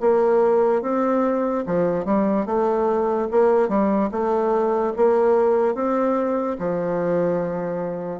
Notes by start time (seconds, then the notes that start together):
0.00 A#3
0.82 C4
1.66 F3
2.05 G3
2.46 A3
3.31 A#3
3.68 G3
4.11 A3
4.96 A#3
5.75 C4
6.59 F3